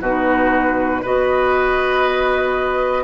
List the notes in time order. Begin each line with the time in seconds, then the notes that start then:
0.00 B2 D#4 F#4 B4
1.02 B3 F#4 B4 D#5